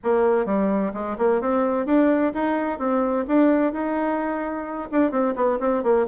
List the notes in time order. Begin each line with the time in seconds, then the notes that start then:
0.03 A#3
0.45 G3
0.93 G#3
1.18 A#3
1.41 C4
1.86 D4
2.34 D#4
2.78 C4
3.27 D4
3.72 D#4
4.91 D4
5.11 C4
5.35 B3
5.59 C4
5.83 A#3